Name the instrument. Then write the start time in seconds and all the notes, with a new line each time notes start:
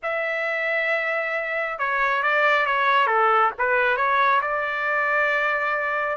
trumpet
0.02 E5
1.78 C#5
2.22 D5
2.66 C#5
3.06 A4
3.58 B4
3.96 C#5
4.41 D5